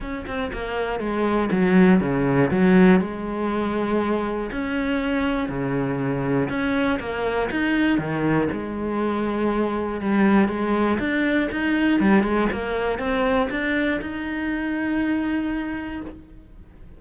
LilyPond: \new Staff \with { instrumentName = "cello" } { \time 4/4 \tempo 4 = 120 cis'8 c'8 ais4 gis4 fis4 | cis4 fis4 gis2~ | gis4 cis'2 cis4~ | cis4 cis'4 ais4 dis'4 |
dis4 gis2. | g4 gis4 d'4 dis'4 | g8 gis8 ais4 c'4 d'4 | dis'1 | }